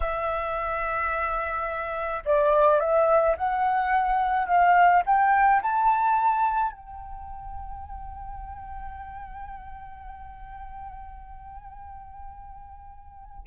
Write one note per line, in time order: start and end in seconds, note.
0.00 2.22 E5
2.25 2.80 D5
2.80 3.36 E5
3.36 4.47 F#5
4.47 5.03 F5
5.06 5.62 G5
5.62 6.71 A5
6.71 13.44 G5